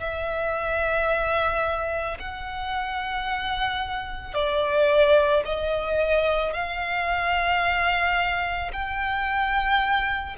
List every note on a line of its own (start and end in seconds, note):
0.00 2.18 E5
2.20 4.34 F#5
4.34 5.43 D5
5.46 6.54 D#5
6.54 8.72 F5
8.73 10.37 G5